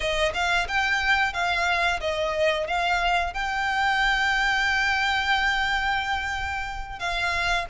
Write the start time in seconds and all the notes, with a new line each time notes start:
0.00 D#5
0.34 F5
0.68 G5
1.33 F5
2.00 D#5
2.67 F5
3.33 G5
6.98 F5